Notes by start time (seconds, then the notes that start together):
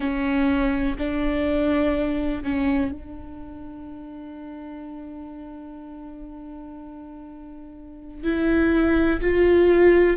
0.00 C#4
0.98 D4
2.43 C#4
2.91 D4
8.23 E4
9.20 F4